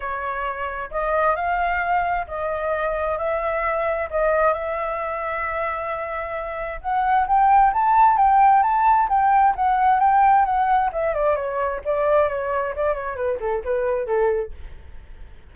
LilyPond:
\new Staff \with { instrumentName = "flute" } { \time 4/4 \tempo 4 = 132 cis''2 dis''4 f''4~ | f''4 dis''2 e''4~ | e''4 dis''4 e''2~ | e''2. fis''4 |
g''4 a''4 g''4 a''4 | g''4 fis''4 g''4 fis''4 | e''8 d''8 cis''4 d''4 cis''4 | d''8 cis''8 b'8 a'8 b'4 a'4 | }